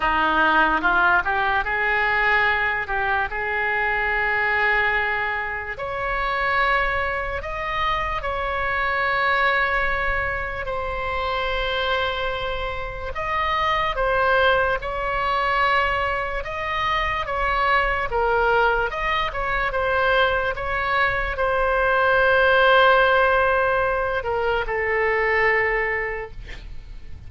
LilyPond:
\new Staff \with { instrumentName = "oboe" } { \time 4/4 \tempo 4 = 73 dis'4 f'8 g'8 gis'4. g'8 | gis'2. cis''4~ | cis''4 dis''4 cis''2~ | cis''4 c''2. |
dis''4 c''4 cis''2 | dis''4 cis''4 ais'4 dis''8 cis''8 | c''4 cis''4 c''2~ | c''4. ais'8 a'2 | }